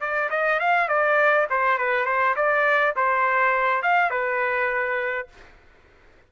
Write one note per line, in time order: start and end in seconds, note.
0.00 0.29 D5
0.30 0.59 D#5
0.59 0.88 F5
0.88 1.47 D5
1.50 1.78 C5
1.78 2.05 B4
2.05 2.35 C5
2.36 2.95 D5
2.96 3.82 C5
3.82 4.10 F5
4.10 5.28 B4